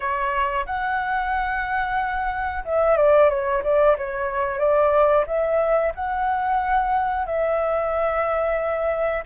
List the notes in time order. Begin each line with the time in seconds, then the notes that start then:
0.00 C#5
0.66 F#5
2.65 E5
2.97 D5
3.29 C#5
3.63 D5
3.97 C#5
4.59 D5
5.26 E5
5.94 F#5
7.25 E5